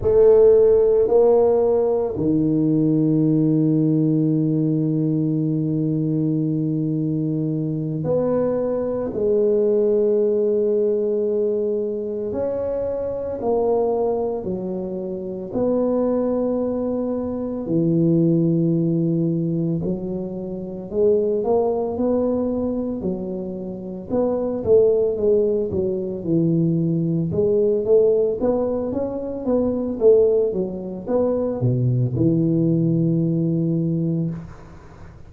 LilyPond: \new Staff \with { instrumentName = "tuba" } { \time 4/4 \tempo 4 = 56 a4 ais4 dis2~ | dis2.~ dis8 b8~ | b8 gis2. cis'8~ | cis'8 ais4 fis4 b4.~ |
b8 e2 fis4 gis8 | ais8 b4 fis4 b8 a8 gis8 | fis8 e4 gis8 a8 b8 cis'8 b8 | a8 fis8 b8 b,8 e2 | }